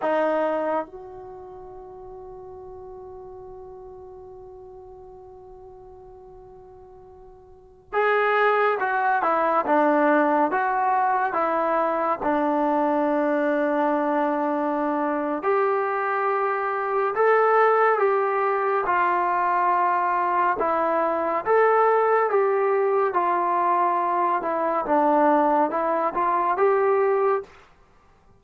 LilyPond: \new Staff \with { instrumentName = "trombone" } { \time 4/4 \tempo 4 = 70 dis'4 fis'2.~ | fis'1~ | fis'4~ fis'16 gis'4 fis'8 e'8 d'8.~ | d'16 fis'4 e'4 d'4.~ d'16~ |
d'2 g'2 | a'4 g'4 f'2 | e'4 a'4 g'4 f'4~ | f'8 e'8 d'4 e'8 f'8 g'4 | }